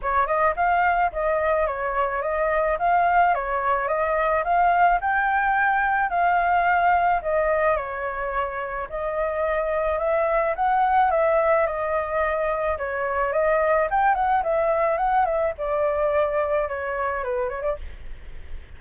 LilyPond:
\new Staff \with { instrumentName = "flute" } { \time 4/4 \tempo 4 = 108 cis''8 dis''8 f''4 dis''4 cis''4 | dis''4 f''4 cis''4 dis''4 | f''4 g''2 f''4~ | f''4 dis''4 cis''2 |
dis''2 e''4 fis''4 | e''4 dis''2 cis''4 | dis''4 g''8 fis''8 e''4 fis''8 e''8 | d''2 cis''4 b'8 cis''16 d''16 | }